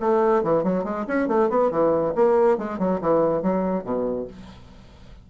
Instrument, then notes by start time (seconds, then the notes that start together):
bassoon
0.00 A3
0.43 E3
0.64 F#3
0.84 G#3
1.08 C#4
1.28 A3
1.50 B3
1.71 E3
2.15 A#3
2.58 G#3
2.79 F#3
3.01 E3
3.42 F#3
3.84 B2